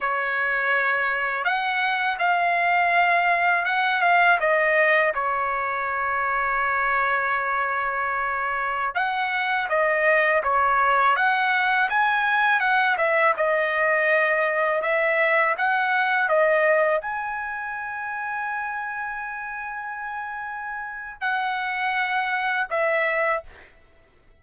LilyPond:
\new Staff \with { instrumentName = "trumpet" } { \time 4/4 \tempo 4 = 82 cis''2 fis''4 f''4~ | f''4 fis''8 f''8 dis''4 cis''4~ | cis''1~ | cis''16 fis''4 dis''4 cis''4 fis''8.~ |
fis''16 gis''4 fis''8 e''8 dis''4.~ dis''16~ | dis''16 e''4 fis''4 dis''4 gis''8.~ | gis''1~ | gis''4 fis''2 e''4 | }